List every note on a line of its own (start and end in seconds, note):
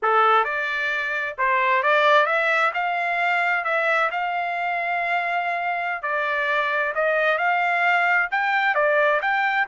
0.02 0.44 A4
0.44 1.35 D5
1.38 1.82 C5
1.82 2.26 D5
2.26 2.71 E5
2.74 3.64 F5
3.64 4.10 E5
4.11 6.02 F5
6.02 6.93 D5
6.94 7.38 D#5
7.38 8.29 F5
8.31 8.74 G5
8.74 9.20 D5
9.21 9.67 G5